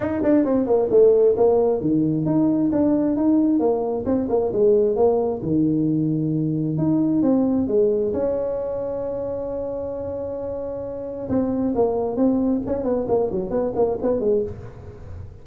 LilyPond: \new Staff \with { instrumentName = "tuba" } { \time 4/4 \tempo 4 = 133 dis'8 d'8 c'8 ais8 a4 ais4 | dis4 dis'4 d'4 dis'4 | ais4 c'8 ais8 gis4 ais4 | dis2. dis'4 |
c'4 gis4 cis'2~ | cis'1~ | cis'4 c'4 ais4 c'4 | cis'8 b8 ais8 fis8 b8 ais8 b8 gis8 | }